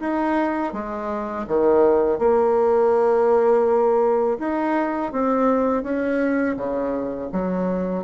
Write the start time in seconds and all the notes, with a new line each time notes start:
0.00 D#4
0.73 G#3
1.48 D#3
2.19 A#3
4.39 D#4
5.13 C4
5.83 C#4
6.57 C#3
7.32 F#3